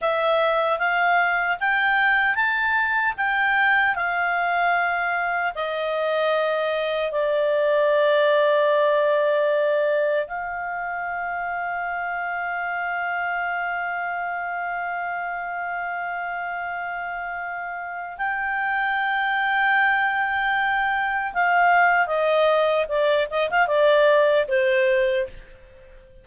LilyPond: \new Staff \with { instrumentName = "clarinet" } { \time 4/4 \tempo 4 = 76 e''4 f''4 g''4 a''4 | g''4 f''2 dis''4~ | dis''4 d''2.~ | d''4 f''2.~ |
f''1~ | f''2. g''4~ | g''2. f''4 | dis''4 d''8 dis''16 f''16 d''4 c''4 | }